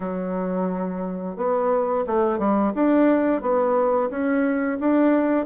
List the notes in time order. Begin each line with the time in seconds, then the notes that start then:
0.00 F#3
1.36 B3
2.06 A3
2.38 G3
2.75 D4
3.41 B3
4.10 C#4
4.79 D4